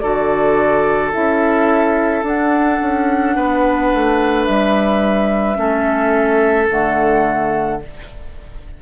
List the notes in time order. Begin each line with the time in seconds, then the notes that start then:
0.00 D3 F#4 A4 D5
1.13 C#4 E4 E5
2.24 D4 F#5
2.81 C#4
3.36 B3 B4
3.94 A3
4.45 G3 E5
5.56 A3 C#4 A4
6.69 D3 A3 F#5